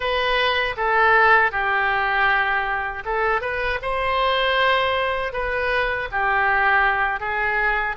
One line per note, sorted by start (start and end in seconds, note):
0.00 0.75 B4
0.76 1.51 A4
1.51 3.03 G4
3.05 3.41 A4
3.41 3.79 B4
3.81 5.32 C5
5.32 6.08 B4
6.11 7.20 G4
7.20 7.96 G#4